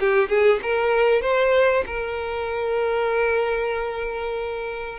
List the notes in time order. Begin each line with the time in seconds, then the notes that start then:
0.00 G4
0.29 G#4
0.62 A#4
1.22 C5
1.86 A#4